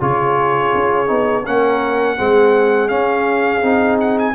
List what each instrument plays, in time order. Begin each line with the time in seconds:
0.00 tuba C#3, trombone F4, horn G#4, trumpet C#5
0.74 tuba C#4
1.07 tuba B3, trombone D#4
1.45 tuba A#3, trombone C#4, horn A#4, trumpet F#5
2.17 tuba G#3, trombone C4, horn G#4
2.88 trombone C#4, tuba C#4, trumpet F5
3.61 tuba C4, trombone D#4
4.00 trumpet F#5
4.19 trumpet G#5